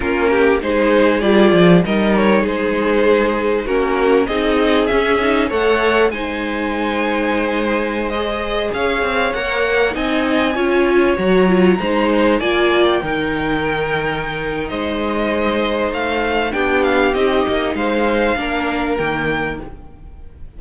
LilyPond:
<<
  \new Staff \with { instrumentName = "violin" } { \time 4/4 \tempo 4 = 98 ais'4 c''4 d''4 dis''8 cis''8 | c''2 ais'4 dis''4 | e''4 fis''4 gis''2~ | gis''4~ gis''16 dis''4 f''4 fis''8.~ |
fis''16 gis''2 ais''4.~ ais''16~ | ais''16 gis''8. g''2. | dis''2 f''4 g''8 f''8 | dis''4 f''2 g''4 | }
  \new Staff \with { instrumentName = "violin" } { \time 4/4 f'8 g'8 gis'2 ais'4 | gis'2 fis'4 gis'4~ | gis'4 cis''4 c''2~ | c''2~ c''16 cis''4.~ cis''16~ |
cis''16 dis''4 cis''2 c''8.~ | c''16 d''4 ais'2~ ais'8. | c''2. g'4~ | g'4 c''4 ais'2 | }
  \new Staff \with { instrumentName = "viola" } { \time 4/4 cis'4 dis'4 f'4 dis'4~ | dis'2 cis'4 dis'4 | cis'8 dis'8 a'4 dis'2~ | dis'4~ dis'16 gis'2 ais'8.~ |
ais'16 dis'4 f'4 fis'8 f'8 dis'8.~ | dis'16 f'4 dis'2~ dis'8.~ | dis'2. d'4 | dis'2 d'4 ais4 | }
  \new Staff \with { instrumentName = "cello" } { \time 4/4 ais4 gis4 g8 f8 g4 | gis2 ais4 c'4 | cis'4 a4 gis2~ | gis2~ gis16 cis'8 c'8 ais8.~ |
ais16 c'4 cis'4 fis4 gis8.~ | gis16 ais4 dis2~ dis8. | gis2 a4 b4 | c'8 ais8 gis4 ais4 dis4 | }
>>